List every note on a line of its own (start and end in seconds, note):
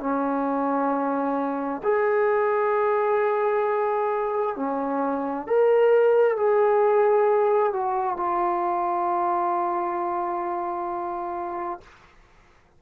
0.00 1.82 C#4
1.83 4.56 G#4
4.56 5.47 C#4
5.47 6.37 A#4
6.37 7.73 G#4
7.73 8.17 F#4
8.17 11.81 F4